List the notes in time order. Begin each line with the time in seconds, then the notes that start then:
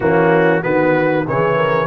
0.00 E3 A#3 C#4 F#4
0.62 D#3 B3 F#4 B4
1.26 C#3 E3 G#4 C#5
1.56 A#4